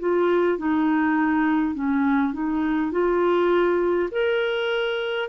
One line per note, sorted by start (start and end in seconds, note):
0.00 0.58 F4
0.58 1.74 D#4
1.74 2.33 C#4
2.33 2.92 D#4
2.92 4.10 F4
4.11 5.29 A#4